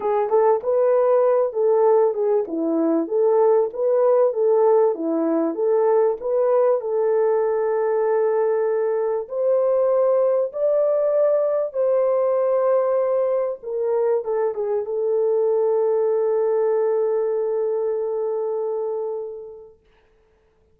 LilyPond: \new Staff \with { instrumentName = "horn" } { \time 4/4 \tempo 4 = 97 gis'8 a'8 b'4. a'4 gis'8 | e'4 a'4 b'4 a'4 | e'4 a'4 b'4 a'4~ | a'2. c''4~ |
c''4 d''2 c''4~ | c''2 ais'4 a'8 gis'8 | a'1~ | a'1 | }